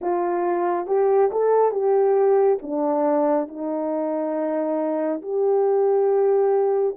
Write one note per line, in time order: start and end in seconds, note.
0.01 0.87 F4
0.87 1.30 G4
1.31 1.71 A4
1.71 2.58 G4
2.62 3.47 D4
3.47 5.21 D#4
5.22 6.96 G4